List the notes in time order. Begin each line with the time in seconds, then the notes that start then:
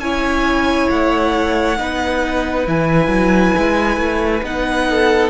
0.00 C#4 E4 C#5 G#5
0.90 A3 F#5
1.78 B3 D#4 B4
2.66 E3 E4 G#5
3.08 F#3
3.58 G#3
3.97 A3
4.43 B3 D#4 F#5
4.90 A4